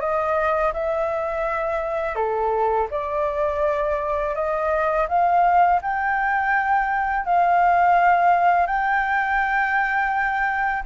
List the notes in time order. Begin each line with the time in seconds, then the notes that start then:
0.00 D#5
0.73 E5
2.15 A4
2.90 D5
4.35 D#5
5.08 F5
5.82 G5
7.25 F5
8.66 G5